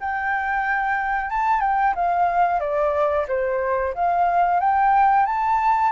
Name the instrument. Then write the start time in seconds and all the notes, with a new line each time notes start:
flute
0.00 G5
1.30 A5
1.61 G5
1.95 F5
2.60 D5
3.28 C5
3.95 F5
4.60 G5
5.26 A5